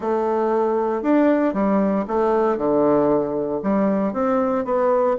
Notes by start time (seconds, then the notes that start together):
0.00 A3
1.02 D4
1.53 G3
2.07 A3
2.57 D3
3.62 G3
4.13 C4
4.65 B3